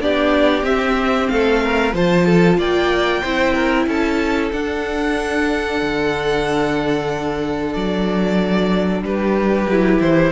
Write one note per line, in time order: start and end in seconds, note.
0.00 0.63 B3
0.00 0.63 D4
0.00 1.32 G4
0.00 0.64 D5
0.63 1.27 C4
0.63 1.92 C4
0.63 1.28 E5
1.28 1.93 A3
1.28 1.63 A4
1.28 1.93 F5
1.63 1.95 A#4
1.93 2.58 F3
1.93 3.22 F4
1.93 2.25 C5
1.93 2.59 A5
2.25 2.58 A4
2.58 3.22 A#3
2.58 3.22 D5
2.58 3.88 G5
3.22 3.86 C4
3.22 4.52 E4
3.22 3.53 C5
3.53 3.85 A#4
3.86 4.51 C#4
3.86 9.03 A4
3.86 4.52 A5
4.52 9.68 D4
4.52 5.81 D4
4.52 7.73 F#5
5.82 7.75 D3
7.73 9.02 F#3
7.73 9.02 D5
9.02 9.66 G3
9.02 10.32 G4
9.02 10.00 B4
9.67 10.00 F#3
9.67 10.32 E4
10.00 10.32 E3
10.00 10.32 C5